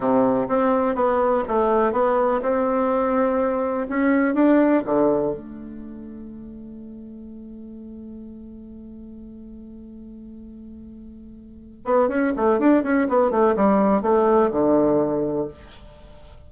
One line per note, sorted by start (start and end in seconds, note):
0.00 0.47 C3
0.48 0.95 C4
0.95 1.43 B3
1.48 1.92 A3
1.92 2.40 B3
2.41 3.87 C4
3.89 4.34 C#4
4.34 4.83 D4
4.85 5.33 D3
5.33 11.85 A3
11.85 12.08 B3
12.08 12.32 C#4
12.35 12.59 A3
12.59 12.83 D4
12.83 13.07 C#4
13.08 13.31 B3
13.31 13.55 A3
13.55 14.02 G3
14.02 14.50 A3
14.51 15.47 D3